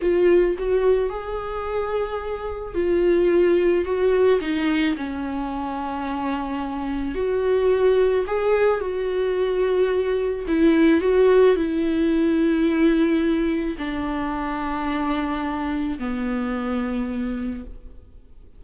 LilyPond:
\new Staff \with { instrumentName = "viola" } { \time 4/4 \tempo 4 = 109 f'4 fis'4 gis'2~ | gis'4 f'2 fis'4 | dis'4 cis'2.~ | cis'4 fis'2 gis'4 |
fis'2. e'4 | fis'4 e'2.~ | e'4 d'2.~ | d'4 b2. | }